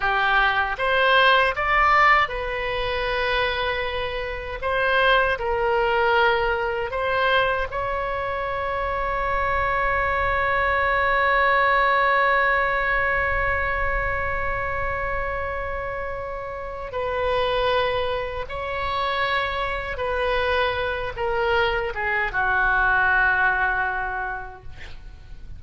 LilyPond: \new Staff \with { instrumentName = "oboe" } { \time 4/4 \tempo 4 = 78 g'4 c''4 d''4 b'4~ | b'2 c''4 ais'4~ | ais'4 c''4 cis''2~ | cis''1~ |
cis''1~ | cis''2 b'2 | cis''2 b'4. ais'8~ | ais'8 gis'8 fis'2. | }